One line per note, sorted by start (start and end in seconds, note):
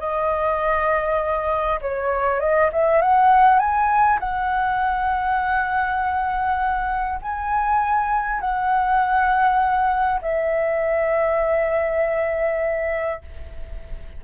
0.00 1.80 D#5
1.82 2.41 C#5
2.41 2.71 D#5
2.73 3.02 E5
3.02 3.60 F#5
3.60 4.20 G#5
4.20 7.20 F#5
7.22 8.41 G#5
8.41 10.21 F#5
10.22 13.22 E5